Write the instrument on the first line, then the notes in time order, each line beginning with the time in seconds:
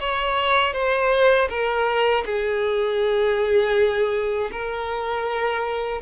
violin
0.00 C#5
0.73 C5
1.49 A#4
2.25 G#4
4.51 A#4